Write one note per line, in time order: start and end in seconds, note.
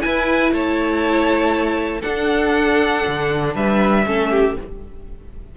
0.00 2.02 E4
0.00 0.52 E4
0.00 0.54 B4
0.00 0.52 G#5
0.52 2.03 A3
0.52 2.01 C#5
0.52 2.02 A5
2.01 4.04 D4
2.01 3.06 D4
2.01 3.52 A4
2.01 3.53 F#5
3.08 3.55 D3
3.55 4.06 G3
3.55 4.06 B4
3.55 4.57 E5
4.06 4.57 A3
4.06 4.57 C#4
4.06 4.31 A4
4.31 4.57 G4